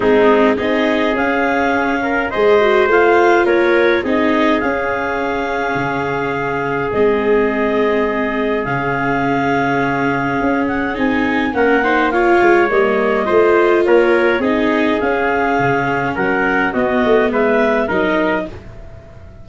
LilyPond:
<<
  \new Staff \with { instrumentName = "clarinet" } { \time 4/4 \tempo 4 = 104 gis'4 dis''4 f''2 | dis''4 f''4 cis''4 dis''4 | f''1 | dis''2. f''4~ |
f''2~ f''8 fis''8 gis''4 | fis''4 f''4 dis''2 | cis''4 dis''4 f''2 | fis''4 dis''4 e''4 dis''4 | }
  \new Staff \with { instrumentName = "trumpet" } { \time 4/4 dis'4 gis'2~ gis'8 ais'8 | c''2 ais'4 gis'4~ | gis'1~ | gis'1~ |
gis'1 | ais'8 c''8 cis''2 c''4 | ais'4 gis'2. | ais'4 fis'4 b'4 ais'4 | }
  \new Staff \with { instrumentName = "viola" } { \time 4/4 c'4 dis'4 cis'2 | gis'8 fis'8 f'2 dis'4 | cis'1 | c'2. cis'4~ |
cis'2. dis'4 | cis'8 dis'8 f'4 ais4 f'4~ | f'4 dis'4 cis'2~ | cis'4 b2 dis'4 | }
  \new Staff \with { instrumentName = "tuba" } { \time 4/4 gis4 c'4 cis'2 | gis4 a4 ais4 c'4 | cis'2 cis2 | gis2. cis4~ |
cis2 cis'4 c'4 | ais4. gis8 g4 a4 | ais4 c'4 cis'4 cis4 | fis4 b8 a8 gis4 fis4 | }
>>